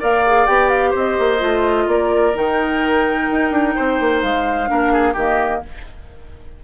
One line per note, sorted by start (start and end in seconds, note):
0.00 0.47 A#3
0.00 0.23 A#4
0.00 0.90 D5
0.00 0.46 F5
0.26 0.47 G#4
0.46 0.94 B3
0.46 1.38 G4
0.46 0.69 G5
0.69 0.93 F5
0.90 1.18 C4
0.90 1.84 C5
0.97 1.90 D#5
1.19 1.42 A#3
1.38 1.87 A3
1.38 2.32 F4
1.87 2.34 A#3
1.87 3.75 A#4
1.87 2.37 D5
2.35 3.30 D#3
2.35 4.67 D#4
2.35 4.22 G5
3.32 3.51 D#4
3.51 3.74 D4
3.75 4.00 C4
3.75 4.69 C5
4.00 4.23 A#3
4.22 4.70 G#3
4.22 5.15 F5
4.67 5.15 A#3
4.67 5.14 D4
4.67 4.92 A#4
4.92 5.13 G#4
5.13 5.62 D#3
5.13 5.64 A#3
5.13 5.60 G4
5.13 5.63 D#5